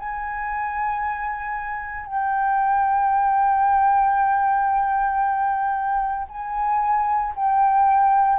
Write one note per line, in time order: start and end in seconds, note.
0.00 2.06 G#5
2.06 6.27 G5
6.29 7.34 G#5
7.36 8.40 G5